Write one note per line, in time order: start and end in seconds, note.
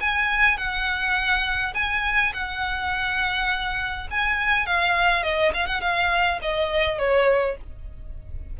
0.00 0.57 G#5
0.57 1.74 F#5
1.74 2.32 G#5
2.33 4.08 F#5
4.10 4.66 G#5
4.66 5.23 F5
5.23 5.52 D#5
5.54 5.66 F5
5.66 5.81 F#5
5.81 6.39 F5
6.42 6.98 D#5
6.98 7.57 C#5